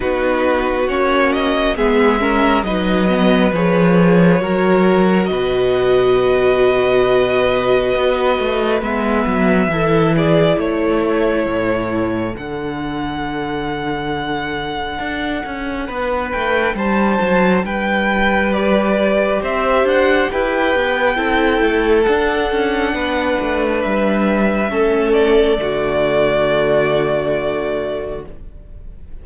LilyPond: <<
  \new Staff \with { instrumentName = "violin" } { \time 4/4 \tempo 4 = 68 b'4 cis''8 dis''8 e''4 dis''4 | cis''2 dis''2~ | dis''2 e''4. d''8 | cis''2 fis''2~ |
fis''2~ fis''8 g''8 a''4 | g''4 d''4 e''8 fis''8 g''4~ | g''4 fis''2 e''4~ | e''8 d''2.~ d''8 | }
  \new Staff \with { instrumentName = "violin" } { \time 4/4 fis'2 gis'8 ais'8 b'4~ | b'4 ais'4 b'2~ | b'2. a'8 gis'8 | a'1~ |
a'2 b'4 c''4 | b'2 c''4 b'4 | a'2 b'2 | a'4 fis'2. | }
  \new Staff \with { instrumentName = "viola" } { \time 4/4 dis'4 cis'4 b8 cis'8 dis'8 b8 | gis'4 fis'2.~ | fis'2 b4 e'4~ | e'2 d'2~ |
d'1~ | d'4 g'2. | e'4 d'2. | cis'4 a2. | }
  \new Staff \with { instrumentName = "cello" } { \time 4/4 b4 ais4 gis4 fis4 | f4 fis4 b,2~ | b,4 b8 a8 gis8 fis8 e4 | a4 a,4 d2~ |
d4 d'8 cis'8 b8 a8 g8 fis8 | g2 c'8 d'8 e'8 b8 | c'8 a8 d'8 cis'8 b8 a8 g4 | a4 d2. | }
>>